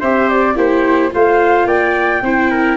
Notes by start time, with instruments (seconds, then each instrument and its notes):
0.00 tuba C4, viola G4, trumpet C5, flute E5
0.30 flute D5
0.55 tuba A#3, viola E4, trumpet G4, flute C5
1.10 tuba A3, viola F4, trumpet C5, flute F5
1.65 tuba A#3, trumpet D5, flute G5
2.22 tuba C4, viola E4, trumpet C5
2.51 trumpet A#4